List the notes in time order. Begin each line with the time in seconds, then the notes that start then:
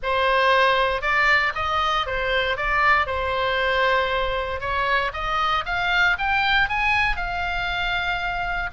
0.03 C5
1.01 D5
1.55 D#5
2.06 C5
2.56 D5
3.06 C5
4.60 C#5
5.13 D#5
5.65 F5
6.18 G5
6.68 G#5
7.16 F5